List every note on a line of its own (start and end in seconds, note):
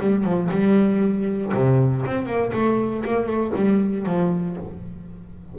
0.00 0.24 G3
0.24 0.50 F3
0.51 1.53 G3
1.54 2.05 C3
2.06 2.26 C4
2.26 2.52 A#3
2.53 3.04 A3
3.05 3.27 A#3
3.27 3.52 A3
3.56 4.06 G3
4.06 4.57 F3